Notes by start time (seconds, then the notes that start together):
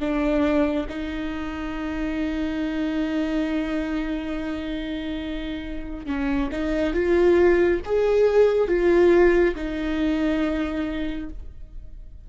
0.00 D4
0.89 D#4
6.06 C#4
6.52 D#4
6.94 F4
7.85 G#4
8.68 F4
9.55 D#4